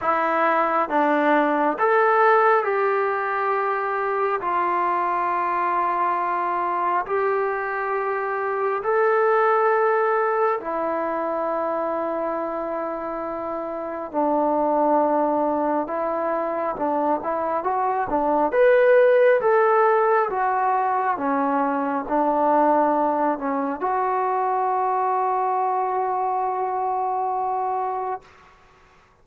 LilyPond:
\new Staff \with { instrumentName = "trombone" } { \time 4/4 \tempo 4 = 68 e'4 d'4 a'4 g'4~ | g'4 f'2. | g'2 a'2 | e'1 |
d'2 e'4 d'8 e'8 | fis'8 d'8 b'4 a'4 fis'4 | cis'4 d'4. cis'8 fis'4~ | fis'1 | }